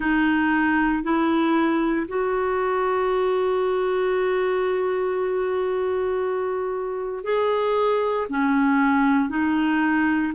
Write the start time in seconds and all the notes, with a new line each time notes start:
0.00 D#4
1.03 E4
2.07 F#4
7.24 G#4
8.29 C#4
9.29 D#4